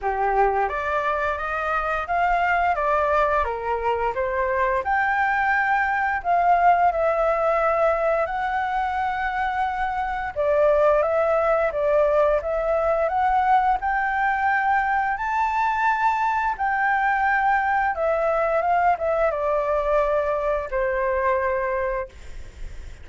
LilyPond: \new Staff \with { instrumentName = "flute" } { \time 4/4 \tempo 4 = 87 g'4 d''4 dis''4 f''4 | d''4 ais'4 c''4 g''4~ | g''4 f''4 e''2 | fis''2. d''4 |
e''4 d''4 e''4 fis''4 | g''2 a''2 | g''2 e''4 f''8 e''8 | d''2 c''2 | }